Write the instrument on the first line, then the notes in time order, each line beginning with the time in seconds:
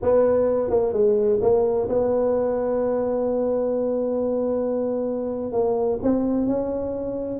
tuba
0.02 B3
0.69 A#3
0.92 G#3
1.41 A#3
1.89 B3
5.52 A#3
6.02 C4
6.46 C#4